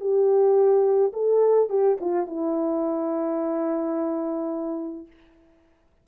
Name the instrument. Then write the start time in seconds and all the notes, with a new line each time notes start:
horn
0.00 G4
1.13 A4
1.69 G4
2.00 F4
2.26 E4